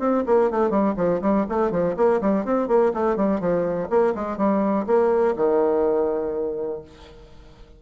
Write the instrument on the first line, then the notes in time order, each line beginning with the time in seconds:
bassoon
0.00 C4
0.27 A#3
0.51 A3
0.71 G3
0.97 F3
1.22 G3
1.49 A3
1.71 F3
1.97 A#3
2.21 G3
2.45 C4
2.68 A#3
2.95 A3
3.17 G3
3.41 F3
3.90 A#3
4.15 G#3
4.38 G3
4.87 A#3
5.37 D#3